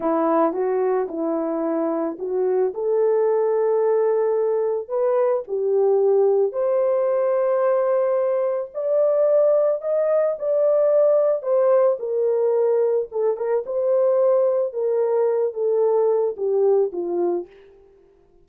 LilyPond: \new Staff \with { instrumentName = "horn" } { \time 4/4 \tempo 4 = 110 e'4 fis'4 e'2 | fis'4 a'2.~ | a'4 b'4 g'2 | c''1 |
d''2 dis''4 d''4~ | d''4 c''4 ais'2 | a'8 ais'8 c''2 ais'4~ | ais'8 a'4. g'4 f'4 | }